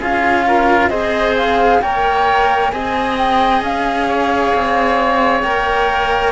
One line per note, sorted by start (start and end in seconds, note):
0.00 0.90 C#4
0.00 0.91 F4
0.00 0.46 G#4
0.00 0.89 F5
0.48 0.90 A#4
0.89 1.81 C4
0.89 1.81 G#4
0.89 1.81 C5
0.89 1.34 D#5
1.37 1.81 F5
1.81 2.73 A#3
1.81 2.73 A#4
1.81 2.73 C#5
1.81 2.70 G5
2.70 3.62 C4
2.70 5.44 G#4
2.70 4.08 D#5
2.70 3.16 G#5
3.18 3.63 G5
3.62 4.53 C#4
3.62 5.42 F5
4.08 6.32 C#5
4.55 5.43 C4
5.42 6.32 A#3
5.42 6.32 A#4
5.42 6.32 G5